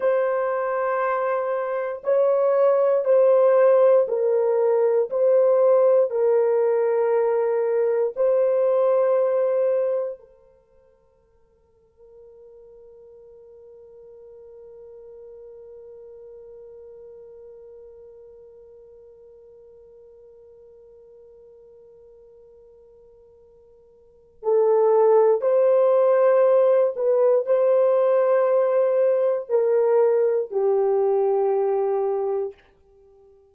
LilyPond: \new Staff \with { instrumentName = "horn" } { \time 4/4 \tempo 4 = 59 c''2 cis''4 c''4 | ais'4 c''4 ais'2 | c''2 ais'2~ | ais'1~ |
ais'1~ | ais'1 | a'4 c''4. b'8 c''4~ | c''4 ais'4 g'2 | }